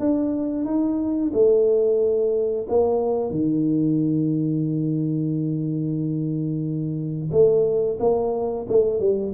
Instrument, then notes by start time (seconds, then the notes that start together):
tuba
0.00 D4
0.65 D#4
1.34 A3
2.69 A#3
3.31 D#3
7.32 A3
8.00 A#3
8.69 A3
9.00 G3